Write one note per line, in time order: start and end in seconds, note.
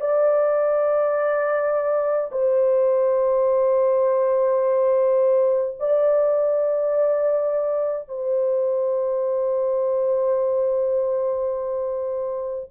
0.00 2.31 D5
2.31 5.77 C5
5.80 8.08 D5
8.08 12.70 C5